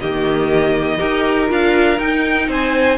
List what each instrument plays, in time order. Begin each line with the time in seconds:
0.00 cello D#3, viola A#3, violin G4 D#5
0.98 cello D#4, viola G4, violin A#4
1.47 cello D4, viola F4, violin F5
1.99 cello D#4, viola D#4, violin G5
2.48 cello C4, violin C5 G#5